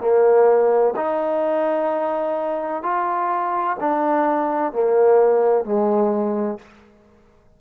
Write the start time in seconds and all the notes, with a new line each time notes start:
0.00 A#3
0.95 D#4
2.83 F4
3.80 D4
4.72 A#3
5.64 G#3